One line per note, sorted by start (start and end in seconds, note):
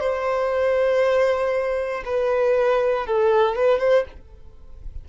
0.00 2.03 C5
2.05 3.06 B4
3.06 3.56 A4
3.56 3.79 B4
3.79 4.04 C5